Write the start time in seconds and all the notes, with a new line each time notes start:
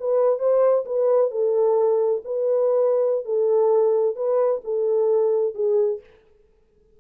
0.00 B4
0.39 C5
0.86 B4
1.31 A4
2.25 B4
3.25 A4
4.16 B4
4.64 A4
5.55 G#4